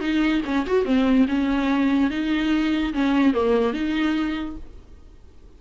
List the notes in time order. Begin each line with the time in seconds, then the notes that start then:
0.00 D#4
0.45 C#4
0.66 F#4
0.85 C4
1.28 C#4
2.10 D#4
2.93 C#4
3.33 A#3
3.73 D#4